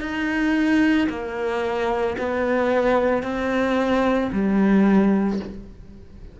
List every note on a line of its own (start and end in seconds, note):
0.00 1.07 D#4
1.09 2.16 A#3
2.18 3.22 B3
3.22 4.30 C4
4.32 5.39 G3